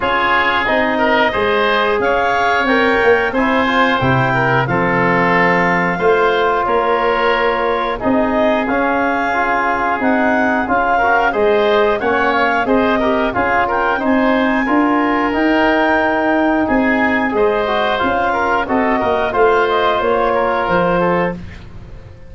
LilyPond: <<
  \new Staff \with { instrumentName = "clarinet" } { \time 4/4 \tempo 4 = 90 cis''4 dis''2 f''4 | g''4 gis''4 g''4 f''4~ | f''2 cis''2 | dis''4 f''2 fis''4 |
f''4 dis''4 fis''8 f''8 dis''4 | f''8 g''8 gis''2 g''4~ | g''4 gis''4 dis''4 f''4 | dis''4 f''8 dis''8 cis''4 c''4 | }
  \new Staff \with { instrumentName = "oboe" } { \time 4/4 gis'4. ais'8 c''4 cis''4~ | cis''4 c''4. ais'8 a'4~ | a'4 c''4 ais'2 | gis'1~ |
gis'8 ais'8 c''4 cis''4 c''8 ais'8 | gis'8 ais'8 c''4 ais'2~ | ais'4 gis'4 c''4. ais'8 | a'8 ais'8 c''4. ais'4 a'8 | }
  \new Staff \with { instrumentName = "trombone" } { \time 4/4 f'4 dis'4 gis'2 | ais'4 e'8 f'8 e'4 c'4~ | c'4 f'2. | dis'4 cis'4 f'4 dis'4 |
f'8 fis'8 gis'4 cis'4 gis'8 g'8 | f'4 dis'4 f'4 dis'4~ | dis'2 gis'8 fis'8 f'4 | fis'4 f'2. | }
  \new Staff \with { instrumentName = "tuba" } { \time 4/4 cis'4 c'4 gis4 cis'4 | c'8 ais8 c'4 c4 f4~ | f4 a4 ais2 | c'4 cis'2 c'4 |
cis'4 gis4 ais4 c'4 | cis'4 c'4 d'4 dis'4~ | dis'4 c'4 gis4 cis'4 | c'8 ais8 a4 ais4 f4 | }
>>